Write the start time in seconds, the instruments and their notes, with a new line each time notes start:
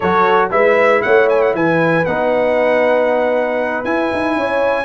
0.00 tuba F#3, trombone F#4, horn A4, trumpet C#5
0.50 tuba G#3, trombone E4, horn B4, trumpet E5
1.02 tuba A3, horn C#5, trumpet F#5
1.29 trumpet G#5
1.41 trumpet F#5
1.54 tuba E3, horn B4, trumpet G#5
2.05 tuba B3, trombone D#4, trumpet F#5
3.84 tuba E4, trombone E4, trumpet G#5
4.12 tuba D#4
4.35 tuba C#4, horn C#5